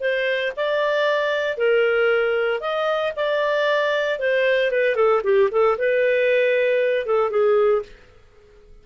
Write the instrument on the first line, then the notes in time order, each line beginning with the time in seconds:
clarinet
0.00 C5
0.56 D5
1.57 A#4
2.60 D#5
3.16 D5
4.19 C5
4.71 B4
4.95 A4
5.23 G4
5.51 A4
5.78 B4
7.06 A4
7.30 G#4